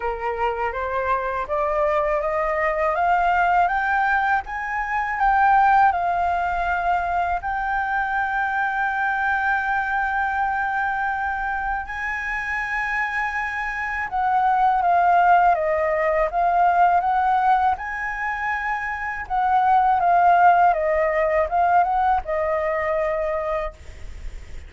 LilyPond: \new Staff \with { instrumentName = "flute" } { \time 4/4 \tempo 4 = 81 ais'4 c''4 d''4 dis''4 | f''4 g''4 gis''4 g''4 | f''2 g''2~ | g''1 |
gis''2. fis''4 | f''4 dis''4 f''4 fis''4 | gis''2 fis''4 f''4 | dis''4 f''8 fis''8 dis''2 | }